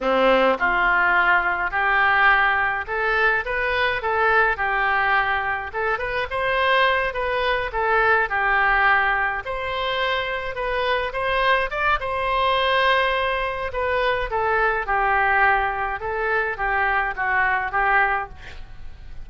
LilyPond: \new Staff \with { instrumentName = "oboe" } { \time 4/4 \tempo 4 = 105 c'4 f'2 g'4~ | g'4 a'4 b'4 a'4 | g'2 a'8 b'8 c''4~ | c''8 b'4 a'4 g'4.~ |
g'8 c''2 b'4 c''8~ | c''8 d''8 c''2. | b'4 a'4 g'2 | a'4 g'4 fis'4 g'4 | }